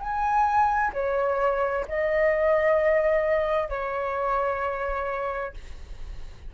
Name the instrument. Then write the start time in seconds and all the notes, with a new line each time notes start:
flute
0.00 G#5
0.93 C#5
1.88 D#5
3.69 C#5